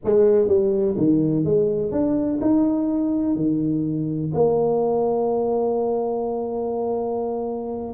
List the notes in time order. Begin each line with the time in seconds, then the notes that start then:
0.04 G#3
0.47 G3
0.97 D#3
1.44 G#3
1.91 D4
2.41 D#4
3.35 D#3
4.34 A#3